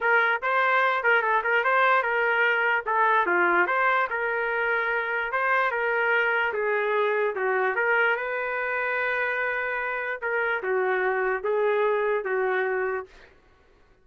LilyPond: \new Staff \with { instrumentName = "trumpet" } { \time 4/4 \tempo 4 = 147 ais'4 c''4. ais'8 a'8 ais'8 | c''4 ais'2 a'4 | f'4 c''4 ais'2~ | ais'4 c''4 ais'2 |
gis'2 fis'4 ais'4 | b'1~ | b'4 ais'4 fis'2 | gis'2 fis'2 | }